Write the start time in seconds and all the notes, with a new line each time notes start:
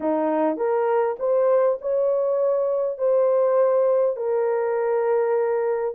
0.00 D#4
0.56 A#4
1.19 C5
1.81 C#5
2.98 C5
4.16 A#4